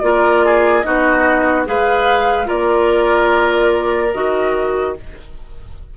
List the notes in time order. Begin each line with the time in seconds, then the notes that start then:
0.00 A#3 F4 A#4 D5
0.45 G#4
0.81 B3 D#4 F#4 D#5
1.65 G#3 G#4 B4 F5
2.45 A#3 F4 A#4 D5
4.13 D#3 F#4 D#5